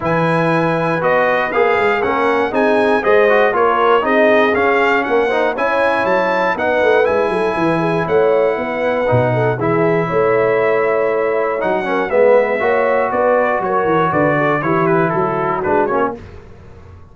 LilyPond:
<<
  \new Staff \with { instrumentName = "trumpet" } { \time 4/4 \tempo 4 = 119 gis''2 dis''4 f''4 | fis''4 gis''4 dis''4 cis''4 | dis''4 f''4 fis''4 gis''4 | a''4 fis''4 gis''2 |
fis''2. e''4~ | e''2. fis''4 | e''2 d''4 cis''4 | d''4 cis''8 b'8 a'4 b'8 cis''8 | }
  \new Staff \with { instrumentName = "horn" } { \time 4/4 b'1 | ais'4 gis'4 c''4 ais'4 | gis'2 ais'8 c''8 cis''4~ | cis''4 b'4. a'8 b'8 gis'8 |
cis''4 b'4. a'8 gis'4 | cis''2.~ cis''8 ais'8 | b'4 cis''4 b'4 ais'4 | b'8 a'8 g'4 fis'2 | }
  \new Staff \with { instrumentName = "trombone" } { \time 4/4 e'2 fis'4 gis'4 | cis'4 dis'4 gis'8 fis'8 f'4 | dis'4 cis'4. dis'8 e'4~ | e'4 dis'4 e'2~ |
e'2 dis'4 e'4~ | e'2. dis'8 cis'8 | b4 fis'2.~ | fis'4 e'2 d'8 cis'8 | }
  \new Staff \with { instrumentName = "tuba" } { \time 4/4 e2 b4 ais8 gis8 | ais4 c'4 gis4 ais4 | c'4 cis'4 ais4 cis'4 | fis4 b8 a8 gis8 fis8 e4 |
a4 b4 b,4 e4 | a2. fis4 | gis4 ais4 b4 fis8 e8 | d4 e4 fis4 gis8 ais8 | }
>>